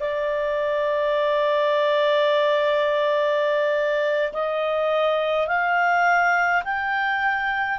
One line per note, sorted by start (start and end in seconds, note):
0.00 4.33 D5
4.33 5.48 D#5
5.48 6.63 F5
6.65 7.79 G5